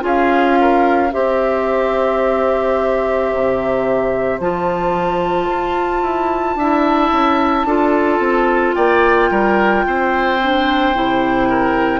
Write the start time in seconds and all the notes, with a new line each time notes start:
0.00 C#4 F4 G#4 F5
0.61 A#4
1.12 C4 G4 C5 E5
3.33 C3
4.39 F3 F4 A5
5.49 F4
6.02 E4
6.55 D4 E4 E5
7.12 C#4
7.65 D4 F4 A4
8.19 C4
8.74 A#3 D5 G5
9.30 G3 A#4
9.86 C4 C5
10.40 D4
10.94 C3 E4
11.49 A#4